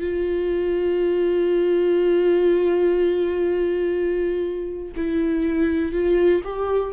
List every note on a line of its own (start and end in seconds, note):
0.00 4.92 F4
4.96 5.92 E4
5.92 6.42 F4
6.44 6.93 G4